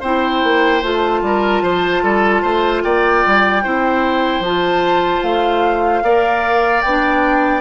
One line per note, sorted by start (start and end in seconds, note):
0.00 0.42 C4
0.00 0.83 E4
0.00 1.20 C5
0.00 0.83 G5
0.43 0.82 A#3
0.82 1.22 A3
0.82 3.63 F4
0.82 2.83 A5
1.22 1.62 G3
1.22 1.63 A#4
1.62 2.02 F3
1.62 2.03 C5
2.03 2.43 G3
2.03 2.42 A4
2.42 2.83 A3
2.42 2.82 C5
2.83 3.24 A#3
2.83 3.63 D5
2.83 4.43 G5
3.26 3.65 G3
3.63 4.40 C4
3.63 4.44 E4
3.63 6.03 C5
4.40 5.20 F3
4.40 6.04 F4
4.40 5.23 A5
5.23 6.02 A3
5.23 6.81 F5
6.02 6.82 A#3
6.02 6.84 A#4
6.02 7.61 D5
6.81 7.61 B3
6.81 7.61 G5
6.88 7.61 D4